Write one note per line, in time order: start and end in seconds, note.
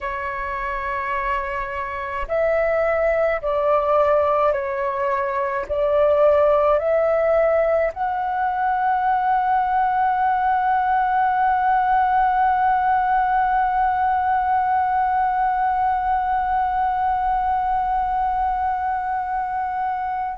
0.00 2.26 C#5
2.27 3.41 E5
3.41 4.52 D5
4.52 5.66 C#5
5.68 6.78 D5
6.78 7.91 E5
7.93 20.38 F#5